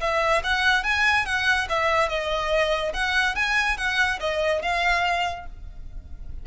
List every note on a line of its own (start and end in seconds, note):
0.00 0.42 E5
0.43 0.84 F#5
0.84 1.25 G#5
1.25 1.67 F#5
1.69 2.08 E5
2.08 2.92 D#5
2.94 3.35 F#5
3.35 3.77 G#5
3.77 4.19 F#5
4.20 4.62 D#5
4.62 5.46 F5